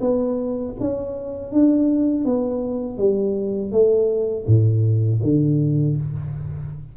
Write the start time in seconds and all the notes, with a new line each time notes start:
0.00 B3
0.80 C#4
1.52 D4
2.25 B3
2.98 G3
3.71 A3
4.46 A2
5.23 D3